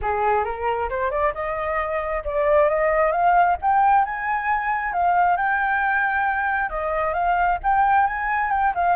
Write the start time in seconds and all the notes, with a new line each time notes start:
0.01 G#4
0.44 A#4
0.89 C5
1.11 D5
1.34 D#5
2.24 D5
2.69 D#5
3.11 F5
3.61 G5
4.04 G#5
4.92 F5
5.36 G5
6.69 D#5
7.13 F5
7.63 G5
8.06 G#5
8.50 G5
8.74 F5